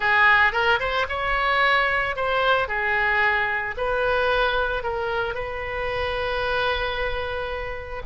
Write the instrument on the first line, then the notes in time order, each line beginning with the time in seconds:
oboe
0.00 G#4
0.52 A#4
0.79 C5
1.08 C#5
2.16 C5
2.68 G#4
3.77 B4
4.83 A#4
5.34 B4